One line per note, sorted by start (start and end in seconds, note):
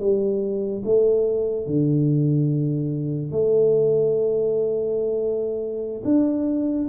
0.00 0.83 G3
0.85 1.67 A3
1.67 3.32 D3
3.32 6.03 A3
6.05 6.88 D4